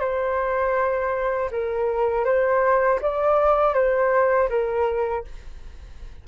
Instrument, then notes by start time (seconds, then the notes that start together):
flute
0.00 C5
1.51 A#4
2.25 C5
3.02 D5
3.74 C5
4.49 A#4